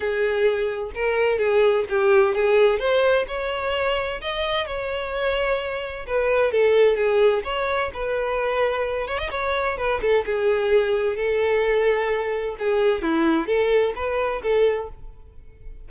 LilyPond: \new Staff \with { instrumentName = "violin" } { \time 4/4 \tempo 4 = 129 gis'2 ais'4 gis'4 | g'4 gis'4 c''4 cis''4~ | cis''4 dis''4 cis''2~ | cis''4 b'4 a'4 gis'4 |
cis''4 b'2~ b'8 cis''16 dis''16 | cis''4 b'8 a'8 gis'2 | a'2. gis'4 | e'4 a'4 b'4 a'4 | }